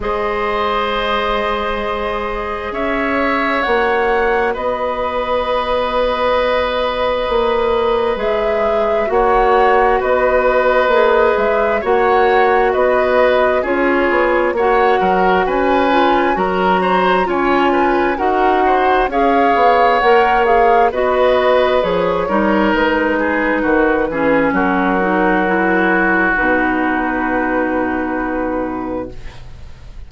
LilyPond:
<<
  \new Staff \with { instrumentName = "flute" } { \time 4/4 \tempo 4 = 66 dis''2. e''4 | fis''4 dis''2.~ | dis''4 e''4 fis''4 dis''4~ | dis''8 e''8 fis''4 dis''4 cis''4 |
fis''4 gis''4 ais''4 gis''4 | fis''4 f''4 fis''8 f''8 dis''4 | cis''4 b'2 ais'4~ | ais'4 b'2. | }
  \new Staff \with { instrumentName = "oboe" } { \time 4/4 c''2. cis''4~ | cis''4 b'2.~ | b'2 cis''4 b'4~ | b'4 cis''4 b'4 gis'4 |
cis''8 ais'8 b'4 ais'8 c''8 cis''8 b'8 | ais'8 c''8 cis''2 b'4~ | b'8 ais'4 gis'8 fis'8 gis'8 fis'4~ | fis'1 | }
  \new Staff \with { instrumentName = "clarinet" } { \time 4/4 gis'1 | fis'1~ | fis'4 gis'4 fis'2 | gis'4 fis'2 f'4 |
fis'4. f'8 fis'4 f'4 | fis'4 gis'4 ais'8 gis'8 fis'4 | gis'8 dis'2 cis'4 dis'8 | e'4 dis'2. | }
  \new Staff \with { instrumentName = "bassoon" } { \time 4/4 gis2. cis'4 | ais4 b2. | ais4 gis4 ais4 b4 | ais8 gis8 ais4 b4 cis'8 b8 |
ais8 fis8 cis'4 fis4 cis'4 | dis'4 cis'8 b8 ais4 b4 | f8 g8 gis4 dis8 e8 fis4~ | fis4 b,2. | }
>>